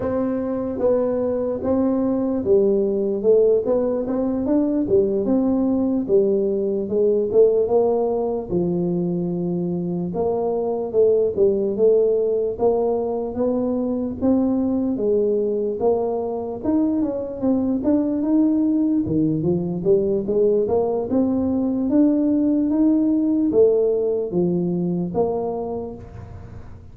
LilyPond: \new Staff \with { instrumentName = "tuba" } { \time 4/4 \tempo 4 = 74 c'4 b4 c'4 g4 | a8 b8 c'8 d'8 g8 c'4 g8~ | g8 gis8 a8 ais4 f4.~ | f8 ais4 a8 g8 a4 ais8~ |
ais8 b4 c'4 gis4 ais8~ | ais8 dis'8 cis'8 c'8 d'8 dis'4 dis8 | f8 g8 gis8 ais8 c'4 d'4 | dis'4 a4 f4 ais4 | }